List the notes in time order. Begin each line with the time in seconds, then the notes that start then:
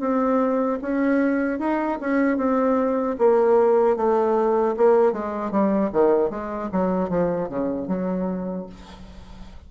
0.00 C4
0.81 C#4
1.59 D#4
2.00 C#4
2.37 C4
3.18 A#3
3.97 A3
4.77 A#3
5.12 G#3
5.51 G3
5.92 D#3
6.30 G#3
6.72 F#3
7.09 F3
7.49 C#3
7.88 F#3